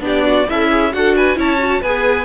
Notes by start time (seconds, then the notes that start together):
0.00 B3 D4 G4
0.06 D5
0.26 F#4
0.48 C#4 E4 A4 E5
0.70 G#4
0.93 D4 F#4 A4 F#5
1.16 B4 G#5
1.36 C#4 E4 C#5 A5
1.58 F#4
1.81 B3 G#4 B4 G#5